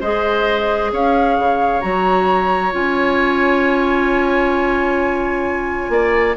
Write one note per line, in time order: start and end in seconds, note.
0.00 0.92 G#3
0.00 1.81 G#4
0.00 0.91 C5
0.00 0.92 D#5
0.92 1.38 C#4
0.92 5.92 C#5
0.92 1.81 F5
1.38 1.83 C#3
1.81 2.74 F#3
1.81 2.72 F#4
1.81 2.72 A#5
2.72 5.89 C#4
2.72 6.35 F4
2.72 6.36 G#5
5.89 6.35 A#3
5.89 6.36 D5